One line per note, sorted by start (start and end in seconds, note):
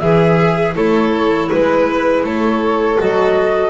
0.00 0.76 E3
0.00 0.75 G#4
0.00 0.76 G#4
0.00 0.74 E5
0.76 1.50 A3
0.76 2.98 E4
0.76 1.49 A4
0.76 1.50 C#5
1.49 2.24 G#3
1.49 2.23 B4
1.49 2.26 B4
2.24 2.98 A3
2.24 3.71 A4
2.24 3.00 C#5
2.98 3.71 F#3
2.98 3.71 F#4
2.98 3.71 D#5